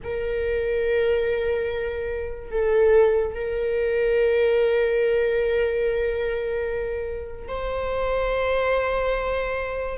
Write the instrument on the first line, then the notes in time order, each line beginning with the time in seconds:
viola
0.03 A#4
2.51 A4
3.34 A#4
7.48 C5